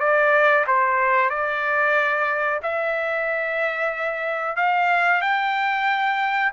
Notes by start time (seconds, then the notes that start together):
0.00 D5
0.67 C5
1.30 D5
2.63 E5
4.56 F5
5.22 G5